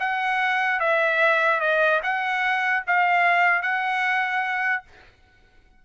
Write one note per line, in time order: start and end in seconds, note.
0.00 0.80 F#5
0.80 1.61 E5
1.61 2.01 D#5
2.03 2.84 F#5
2.87 3.62 F5
3.62 4.83 F#5